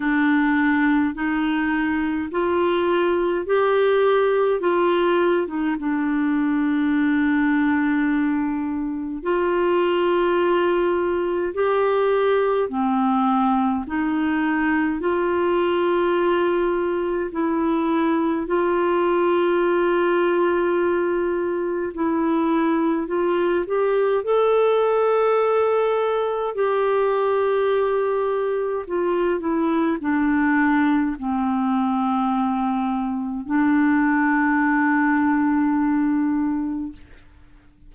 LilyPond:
\new Staff \with { instrumentName = "clarinet" } { \time 4/4 \tempo 4 = 52 d'4 dis'4 f'4 g'4 | f'8. dis'16 d'2. | f'2 g'4 c'4 | dis'4 f'2 e'4 |
f'2. e'4 | f'8 g'8 a'2 g'4~ | g'4 f'8 e'8 d'4 c'4~ | c'4 d'2. | }